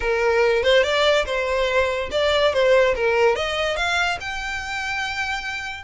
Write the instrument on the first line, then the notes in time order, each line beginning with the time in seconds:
violin
0.00 A#4
0.63 C5
0.83 D5
1.25 C5
2.11 D5
2.53 C5
2.95 A#4
3.35 D#5
3.76 F5
4.20 G5